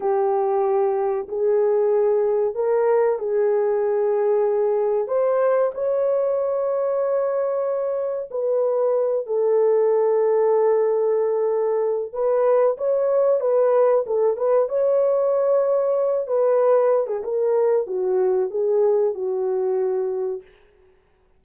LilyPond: \new Staff \with { instrumentName = "horn" } { \time 4/4 \tempo 4 = 94 g'2 gis'2 | ais'4 gis'2. | c''4 cis''2.~ | cis''4 b'4. a'4.~ |
a'2. b'4 | cis''4 b'4 a'8 b'8 cis''4~ | cis''4. b'4~ b'16 gis'16 ais'4 | fis'4 gis'4 fis'2 | }